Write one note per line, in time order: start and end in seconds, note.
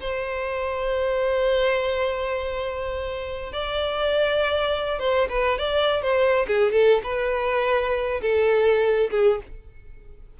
0.00 3.52 C5
3.52 4.98 D5
4.98 5.28 C5
5.29 5.58 B4
5.58 6.02 D5
6.02 6.46 C5
6.47 6.71 G#4
6.71 7.01 A4
7.03 8.21 B4
8.22 9.10 A4
9.10 9.40 G#4